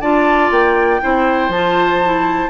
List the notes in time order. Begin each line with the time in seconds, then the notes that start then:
0.00 D4 F4 D5 A5
0.50 A#3 G5
1.01 C4 E4 C5
1.48 F3 F4 A5
2.04 E4